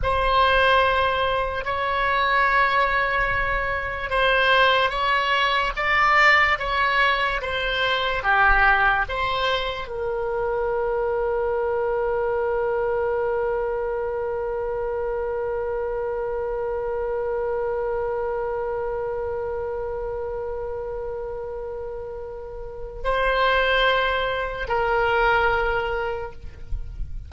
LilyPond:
\new Staff \with { instrumentName = "oboe" } { \time 4/4 \tempo 4 = 73 c''2 cis''2~ | cis''4 c''4 cis''4 d''4 | cis''4 c''4 g'4 c''4 | ais'1~ |
ais'1~ | ais'1~ | ais'1 | c''2 ais'2 | }